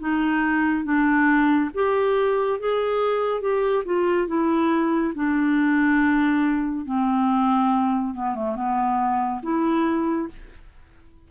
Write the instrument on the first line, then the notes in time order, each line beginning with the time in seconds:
clarinet
0.00 D#4
0.85 D4
1.75 G4
2.59 G#4
3.41 G4
3.85 F4
4.28 E4
5.15 D4
6.86 C4
8.14 B3
8.35 A3
8.56 B3
9.43 E4